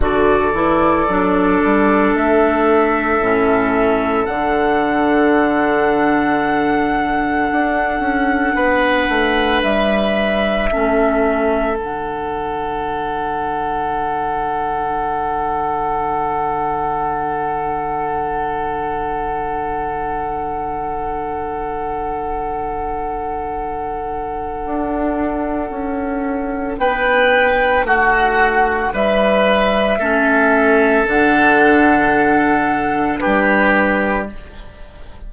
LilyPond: <<
  \new Staff \with { instrumentName = "flute" } { \time 4/4 \tempo 4 = 56 d''2 e''2 | fis''1~ | fis''4 e''2 fis''4~ | fis''1~ |
fis''1~ | fis''1~ | fis''4 g''4 fis''4 e''4~ | e''4 fis''2 b'4 | }
  \new Staff \with { instrumentName = "oboe" } { \time 4/4 a'1~ | a'1 | b'2 a'2~ | a'1~ |
a'1~ | a'1~ | a'4 b'4 fis'4 b'4 | a'2. g'4 | }
  \new Staff \with { instrumentName = "clarinet" } { \time 4/4 fis'8 e'8 d'2 cis'4 | d'1~ | d'2 cis'4 d'4~ | d'1~ |
d'1~ | d'1~ | d'1 | cis'4 d'2. | }
  \new Staff \with { instrumentName = "bassoon" } { \time 4/4 d8 e8 fis8 g8 a4 a,4 | d2. d'8 cis'8 | b8 a8 g4 a4 d4~ | d1~ |
d1~ | d2. d'4 | cis'4 b4 a4 g4 | a4 d2 g4 | }
>>